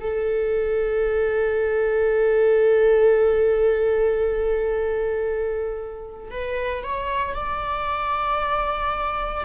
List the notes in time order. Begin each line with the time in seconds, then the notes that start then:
0.00 A4
6.31 B4
6.84 C#5
7.34 D5